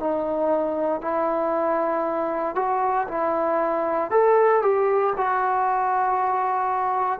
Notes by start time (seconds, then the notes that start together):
0.00 D#4
1.01 E4
2.55 F#4
3.08 E4
4.11 A4
4.62 G4
5.17 F#4